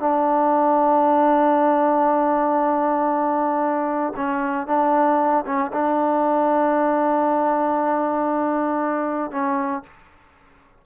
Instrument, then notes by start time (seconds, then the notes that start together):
trombone
0.00 D4
4.16 C#4
4.67 D4
5.46 C#4
5.73 D4
9.32 C#4